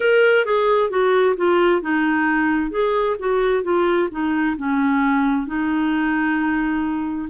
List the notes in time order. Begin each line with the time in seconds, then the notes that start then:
0.00 A#4
0.45 G#4
0.90 F#4
1.36 F4
1.81 D#4
2.70 G#4
3.19 F#4
3.63 F4
4.11 D#4
4.57 C#4
5.46 D#4